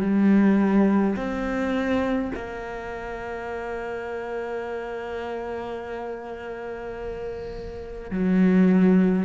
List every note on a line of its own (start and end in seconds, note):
0.00 1.15 G3
1.16 2.31 C4
2.34 8.10 A#3
8.10 9.25 F#3